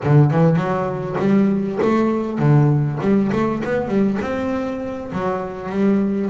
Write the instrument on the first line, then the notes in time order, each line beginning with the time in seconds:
double bass
0.03 D3
0.31 E3
0.56 F#3
1.19 G3
1.82 A3
2.38 D3
3.00 G3
3.32 A3
3.64 B3
3.88 G3
4.21 C4
5.12 F#3
5.69 G3